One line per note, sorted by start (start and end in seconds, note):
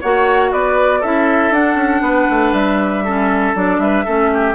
0.00 0.52 A#3
0.00 1.03 F#4
0.00 0.51 C#5
0.00 0.52 F#5
0.52 1.03 B3
0.52 1.00 B4
0.52 1.03 D5
1.00 1.51 C#4
1.00 1.53 E4
1.00 2.02 A4
1.00 1.53 E5
1.51 1.75 D4
1.51 3.06 D4
1.51 2.54 F#5
1.75 2.00 C#4
2.01 2.27 B3
2.01 3.04 B4
2.29 2.52 A3
2.52 3.54 G3
2.52 3.55 E5
3.04 3.55 C#4
3.04 3.81 A4
3.55 3.78 F#3
3.55 4.06 D4
3.55 3.79 D5
3.78 4.04 G3
3.78 4.05 B4
3.78 4.54 E5
4.05 4.54 A3
4.05 4.54 C#4
4.05 4.30 A4
4.33 4.54 G4